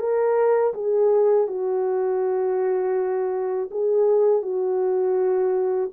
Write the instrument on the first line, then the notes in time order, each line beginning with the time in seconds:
horn
0.00 A#4
0.74 G#4
1.48 F#4
3.71 G#4
4.43 F#4